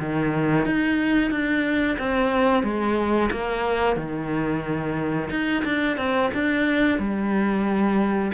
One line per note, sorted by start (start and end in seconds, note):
0.00 0.66 D#3
0.66 1.31 D#4
1.31 1.98 D4
1.99 2.64 C4
2.64 3.30 G#3
3.32 3.97 A#3
3.97 5.30 D#3
5.31 5.64 D#4
5.65 5.98 D4
5.98 6.31 C4
6.35 6.99 D4
6.99 8.32 G3